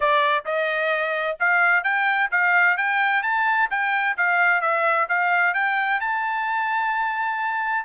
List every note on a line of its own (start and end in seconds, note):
0.00 0.44 D5
0.45 1.37 D#5
1.39 1.83 F5
1.83 2.30 G5
2.31 2.77 F5
2.77 3.22 G5
3.22 3.69 A5
3.70 4.16 G5
4.17 4.61 F5
4.61 5.07 E5
5.09 5.54 F5
5.54 6.00 G5
6.00 7.85 A5